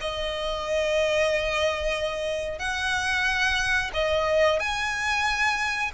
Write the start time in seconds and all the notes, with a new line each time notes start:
0.00 D#5
2.58 F#5
3.93 D#5
4.59 G#5